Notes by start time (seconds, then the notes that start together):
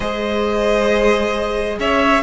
0.00 G#3 G#4 C5 D#5
1.79 C#4 C#5 E5